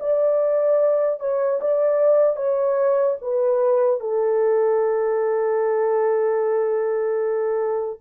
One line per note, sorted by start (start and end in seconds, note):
0.00 1.20 D5
1.20 1.60 C#5
1.61 2.36 D5
2.36 3.16 C#5
3.22 4.00 B4
4.00 8.00 A4